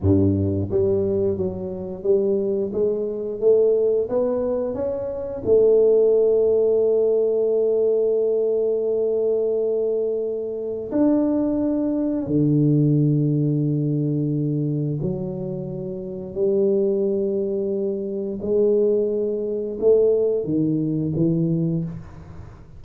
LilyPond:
\new Staff \with { instrumentName = "tuba" } { \time 4/4 \tempo 4 = 88 g,4 g4 fis4 g4 | gis4 a4 b4 cis'4 | a1~ | a1 |
d'2 d2~ | d2 fis2 | g2. gis4~ | gis4 a4 dis4 e4 | }